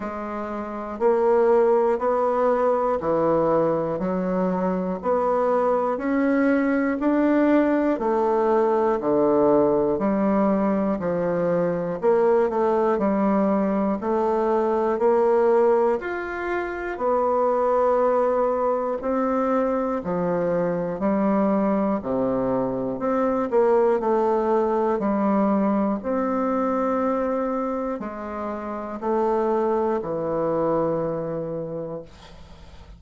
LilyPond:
\new Staff \with { instrumentName = "bassoon" } { \time 4/4 \tempo 4 = 60 gis4 ais4 b4 e4 | fis4 b4 cis'4 d'4 | a4 d4 g4 f4 | ais8 a8 g4 a4 ais4 |
f'4 b2 c'4 | f4 g4 c4 c'8 ais8 | a4 g4 c'2 | gis4 a4 e2 | }